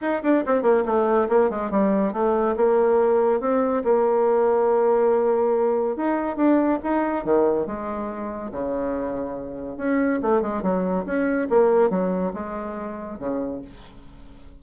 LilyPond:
\new Staff \with { instrumentName = "bassoon" } { \time 4/4 \tempo 4 = 141 dis'8 d'8 c'8 ais8 a4 ais8 gis8 | g4 a4 ais2 | c'4 ais2.~ | ais2 dis'4 d'4 |
dis'4 dis4 gis2 | cis2. cis'4 | a8 gis8 fis4 cis'4 ais4 | fis4 gis2 cis4 | }